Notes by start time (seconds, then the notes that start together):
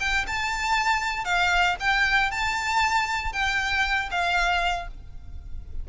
0.00 G5
0.27 A5
1.25 F5
1.80 G5
2.31 A5
3.33 G5
4.11 F5